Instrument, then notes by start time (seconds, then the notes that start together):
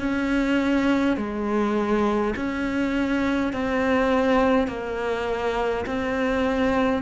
cello
0.00 C#4
1.17 G#3
2.36 C#4
3.53 C4
4.68 A#3
5.87 C4